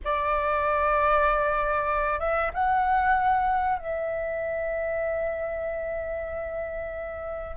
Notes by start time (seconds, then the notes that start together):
0.04 D5
2.19 E5
2.53 F#5
3.78 E5